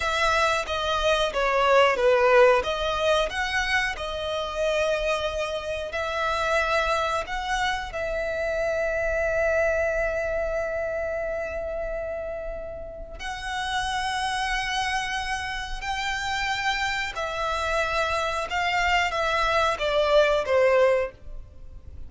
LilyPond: \new Staff \with { instrumentName = "violin" } { \time 4/4 \tempo 4 = 91 e''4 dis''4 cis''4 b'4 | dis''4 fis''4 dis''2~ | dis''4 e''2 fis''4 | e''1~ |
e''1 | fis''1 | g''2 e''2 | f''4 e''4 d''4 c''4 | }